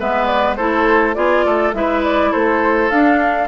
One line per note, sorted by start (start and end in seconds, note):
0.00 0.59 G#3
0.00 0.58 B3
0.00 0.57 B4
0.00 0.26 E5
0.26 0.55 D5
0.57 1.17 A3
0.57 1.15 E4
0.57 1.16 A4
0.57 1.15 C5
1.15 1.46 B3
1.15 1.73 F4
1.15 1.46 G#4
1.15 1.73 D5
1.46 1.74 A3
1.46 1.75 A4
1.74 2.32 G#3
1.74 2.91 E4
1.74 2.32 B4
1.74 2.03 E5
2.04 2.33 D5
2.32 2.91 A3
2.32 3.48 A4
2.32 2.91 C5
2.91 3.48 D4
2.91 3.48 F5